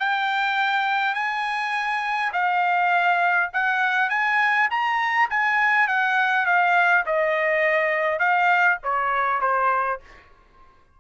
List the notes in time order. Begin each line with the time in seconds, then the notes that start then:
0.00 G5
1.15 G#5
2.33 F5
3.53 F#5
4.10 G#5
4.71 A#5
5.30 G#5
5.88 F#5
6.46 F5
7.06 D#5
8.20 F5
8.83 C#5
9.41 C5